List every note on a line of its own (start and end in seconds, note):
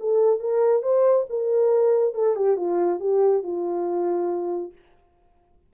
0.00 0.40 A4
0.40 0.83 A#4
0.83 1.26 C5
1.30 2.14 A#4
2.14 2.36 A4
2.36 2.57 G4
2.57 3.00 F4
3.00 3.43 G4
3.43 4.73 F4